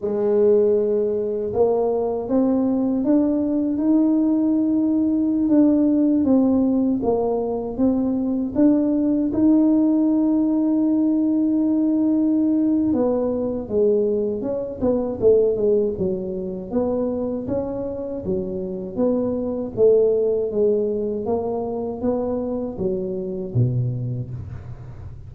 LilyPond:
\new Staff \with { instrumentName = "tuba" } { \time 4/4 \tempo 4 = 79 gis2 ais4 c'4 | d'4 dis'2~ dis'16 d'8.~ | d'16 c'4 ais4 c'4 d'8.~ | d'16 dis'2.~ dis'8.~ |
dis'4 b4 gis4 cis'8 b8 | a8 gis8 fis4 b4 cis'4 | fis4 b4 a4 gis4 | ais4 b4 fis4 b,4 | }